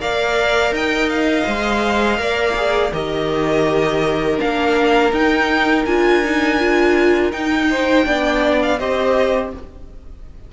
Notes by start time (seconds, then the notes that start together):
0.00 A#3 A#4 D5 F5
0.71 D#4 D#5 G5
1.09 F5
1.45 G#3 C5
2.17 A#3 A#4 D5
2.56 G#4
2.93 D#3 G4 A#4 D#5
4.37 A#3 D4 F5
5.12 D#4 G5
5.86 D4 F4 G#5
6.24 D#4
6.59 F4
7.32 D#4 G5
7.70 C5
8.05 B3 D4 D5
8.62 F5
8.79 C4 G4 C5 D#5